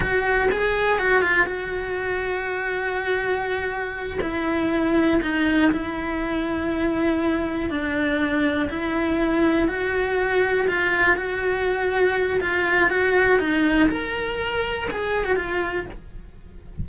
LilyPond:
\new Staff \with { instrumentName = "cello" } { \time 4/4 \tempo 4 = 121 fis'4 gis'4 fis'8 f'8 fis'4~ | fis'1~ | fis'8 e'2 dis'4 e'8~ | e'2.~ e'8 d'8~ |
d'4. e'2 fis'8~ | fis'4. f'4 fis'4.~ | fis'4 f'4 fis'4 dis'4 | ais'2 gis'8. fis'16 f'4 | }